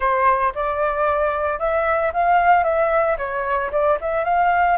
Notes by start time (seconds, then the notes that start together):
0.00 C5
0.54 D5
1.59 E5
2.13 F5
2.63 E5
3.17 C#5
3.71 D5
4.00 E5
4.24 F5